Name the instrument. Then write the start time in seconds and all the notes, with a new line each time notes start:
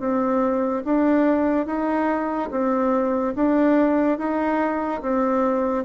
bassoon
0.00 C4
0.85 D4
1.67 D#4
2.52 C4
3.36 D4
4.19 D#4
5.02 C4